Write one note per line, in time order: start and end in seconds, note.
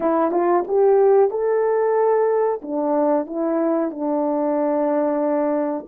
0.00 0.31 E4
0.31 0.63 F4
0.67 1.30 G4
1.30 2.61 A4
2.62 3.26 D4
3.26 3.90 E4
3.90 5.86 D4